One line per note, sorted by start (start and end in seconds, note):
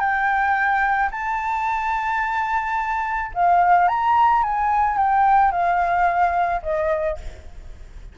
0.00 1.10 G5
1.12 3.32 A5
3.34 3.88 F5
3.88 4.43 A#5
4.43 4.98 G#5
4.98 5.52 G5
5.52 6.62 F5
6.63 7.18 D#5